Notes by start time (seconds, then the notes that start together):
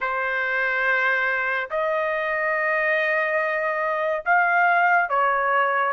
0.00 C5
1.70 D#5
4.25 F5
5.09 C#5